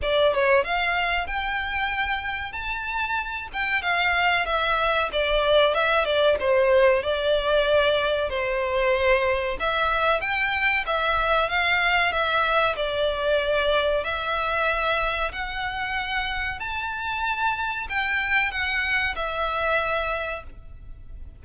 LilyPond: \new Staff \with { instrumentName = "violin" } { \time 4/4 \tempo 4 = 94 d''8 cis''8 f''4 g''2 | a''4. g''8 f''4 e''4 | d''4 e''8 d''8 c''4 d''4~ | d''4 c''2 e''4 |
g''4 e''4 f''4 e''4 | d''2 e''2 | fis''2 a''2 | g''4 fis''4 e''2 | }